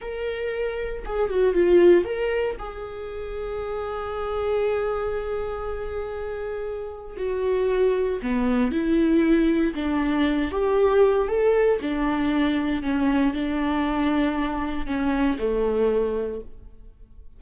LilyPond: \new Staff \with { instrumentName = "viola" } { \time 4/4 \tempo 4 = 117 ais'2 gis'8 fis'8 f'4 | ais'4 gis'2.~ | gis'1~ | gis'2 fis'2 |
b4 e'2 d'4~ | d'8 g'4. a'4 d'4~ | d'4 cis'4 d'2~ | d'4 cis'4 a2 | }